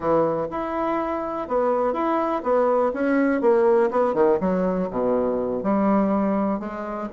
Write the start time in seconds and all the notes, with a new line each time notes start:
0.00 E3
0.50 E4
1.48 B3
1.93 E4
2.43 B3
2.93 C#4
3.41 A#3
3.90 B3
4.14 D#3
4.40 F#3
4.90 B2
5.63 G3
6.59 G#3